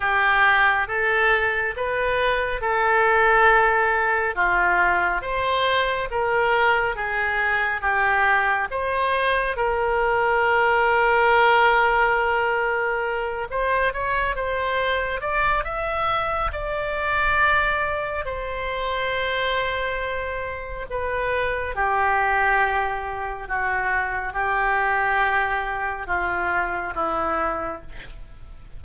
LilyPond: \new Staff \with { instrumentName = "oboe" } { \time 4/4 \tempo 4 = 69 g'4 a'4 b'4 a'4~ | a'4 f'4 c''4 ais'4 | gis'4 g'4 c''4 ais'4~ | ais'2.~ ais'8 c''8 |
cis''8 c''4 d''8 e''4 d''4~ | d''4 c''2. | b'4 g'2 fis'4 | g'2 f'4 e'4 | }